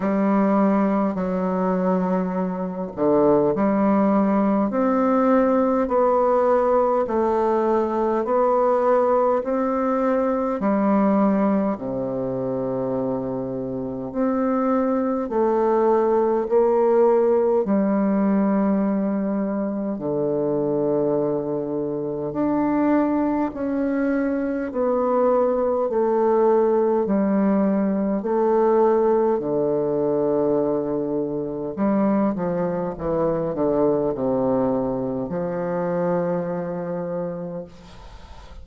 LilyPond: \new Staff \with { instrumentName = "bassoon" } { \time 4/4 \tempo 4 = 51 g4 fis4. d8 g4 | c'4 b4 a4 b4 | c'4 g4 c2 | c'4 a4 ais4 g4~ |
g4 d2 d'4 | cis'4 b4 a4 g4 | a4 d2 g8 f8 | e8 d8 c4 f2 | }